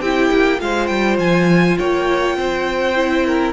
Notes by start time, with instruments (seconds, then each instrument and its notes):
0.00 cello C4, viola E4, violin G4 G5
0.32 cello A#3
0.58 cello G#3, viola F4, violin C5 F5
0.87 cello G3, violin G5
1.18 cello F3, violin G#5
1.78 cello A#3, violin C#5 G5
2.37 cello C4, violin C5
2.95 viola E4
3.26 violin A#4